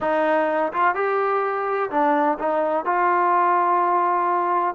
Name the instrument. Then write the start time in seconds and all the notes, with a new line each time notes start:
trombone
0.00 D#4
0.73 F4
0.95 G4
1.90 D4
2.39 D#4
2.85 F4